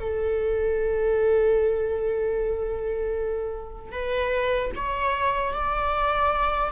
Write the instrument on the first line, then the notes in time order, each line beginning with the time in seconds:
viola
0.00 A4
3.92 B4
4.76 C#5
5.54 D5